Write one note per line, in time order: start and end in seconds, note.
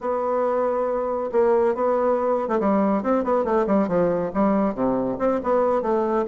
0.00 1.30 B3
1.31 1.74 A#3
1.74 2.48 B3
2.48 2.58 A3
2.60 3.02 G3
3.02 3.24 C4
3.24 3.44 B3
3.44 3.66 A3
3.66 3.88 G3
3.88 4.31 F3
4.33 4.74 G3
4.74 5.17 C3
5.18 5.40 C4
5.43 5.82 B3
5.82 6.25 A3